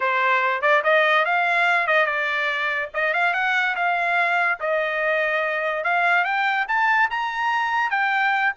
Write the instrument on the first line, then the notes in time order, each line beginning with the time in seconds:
trumpet
0.00 C5
0.61 D5
0.83 D#5
1.25 F5
1.87 D#5
2.06 D5
2.93 D#5
3.13 F5
3.33 F#5
3.75 F5
4.60 D#5
5.83 F5
6.24 G5
6.68 A5
7.10 A#5
7.90 G5